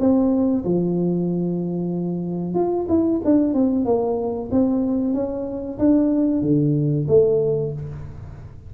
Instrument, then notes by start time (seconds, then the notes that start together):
tuba
0.00 C4
0.65 F3
2.55 F4
2.89 E4
3.25 D4
3.54 C4
3.85 A#3
4.52 C4
5.14 C#4
5.79 D4
6.42 D3
7.09 A3